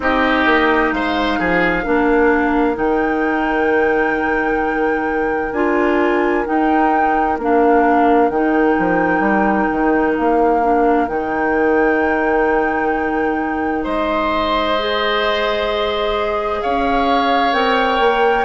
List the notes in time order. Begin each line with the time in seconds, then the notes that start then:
0.00 C4 D#4 G4 D#5
0.45 A#3
0.92 G#3 C5 F5
1.39 F3 G#4
1.83 A#3 D4 A#4
2.74 D#3 D#4 G5
5.52 D4 F4 G#5
6.45 D#4 G5
7.38 A#3 D4 F5
8.28 D#3 D#4 G5
8.78 F3
9.20 G3
9.71 D#3
10.17 A#3 F5
10.61 D4
11.07 D#3 D#4 G5
13.83 G#3 C5 D#5
14.78 G#4
16.61 C#4 C#5 F5
17.52 C4 A#4 G5
17.99 A#3